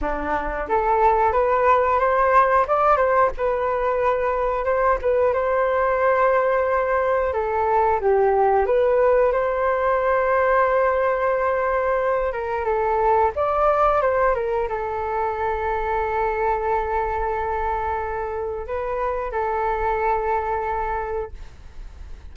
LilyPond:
\new Staff \with { instrumentName = "flute" } { \time 4/4 \tempo 4 = 90 d'4 a'4 b'4 c''4 | d''8 c''8 b'2 c''8 b'8 | c''2. a'4 | g'4 b'4 c''2~ |
c''2~ c''8 ais'8 a'4 | d''4 c''8 ais'8 a'2~ | a'1 | b'4 a'2. | }